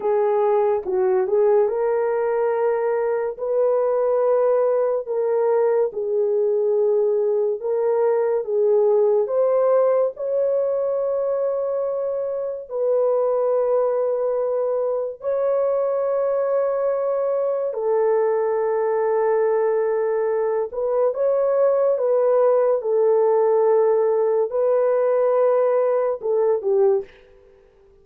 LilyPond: \new Staff \with { instrumentName = "horn" } { \time 4/4 \tempo 4 = 71 gis'4 fis'8 gis'8 ais'2 | b'2 ais'4 gis'4~ | gis'4 ais'4 gis'4 c''4 | cis''2. b'4~ |
b'2 cis''2~ | cis''4 a'2.~ | a'8 b'8 cis''4 b'4 a'4~ | a'4 b'2 a'8 g'8 | }